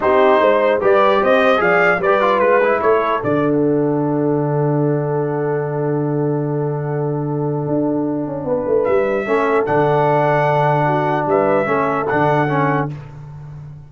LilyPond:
<<
  \new Staff \with { instrumentName = "trumpet" } { \time 4/4 \tempo 4 = 149 c''2 d''4 dis''4 | f''4 d''4 b'4 cis''4 | d''8. fis''2.~ fis''16~ | fis''1~ |
fis''1~ | fis''2 e''2 | fis''1 | e''2 fis''2 | }
  \new Staff \with { instrumentName = "horn" } { \time 4/4 g'4 c''4 b'4 c''4 | d''4 b'2 a'4~ | a'1~ | a'1~ |
a'1~ | a'4 b'2 a'4~ | a'2. fis'4 | b'4 a'2. | }
  \new Staff \with { instrumentName = "trombone" } { \time 4/4 dis'2 g'2 | gis'4 g'8 f'4 e'4. | d'1~ | d'1~ |
d'1~ | d'2. cis'4 | d'1~ | d'4 cis'4 d'4 cis'4 | }
  \new Staff \with { instrumentName = "tuba" } { \time 4/4 c'4 gis4 g4 c'4 | f4 g4 gis4 a4 | d1~ | d1~ |
d2. d'4~ | d'8 cis'8 b8 a8 g4 a4 | d1 | g4 a4 d2 | }
>>